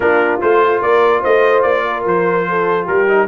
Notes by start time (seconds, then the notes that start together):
0.00 A#3 D4 F4 A#4
0.40 A3 F4 C5
0.81 A#3 A#4 D5
1.20 A3 C5 D#5
1.62 A#3 D5
1.87 A#4
2.05 F3 C5
2.48 A4
2.84 G3 G4 A#4
3.07 D#4